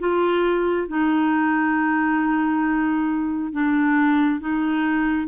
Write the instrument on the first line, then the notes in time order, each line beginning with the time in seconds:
clarinet
0.00 F4
0.88 D#4
3.53 D4
4.40 D#4